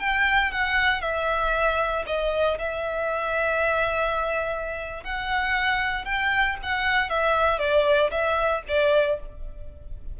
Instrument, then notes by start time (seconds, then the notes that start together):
violin
0.00 G5
0.52 F#5
1.02 E5
2.07 D#5
2.59 E5
5.04 F#5
6.05 G5
6.63 F#5
7.10 E5
7.59 D5
8.11 E5
8.68 D5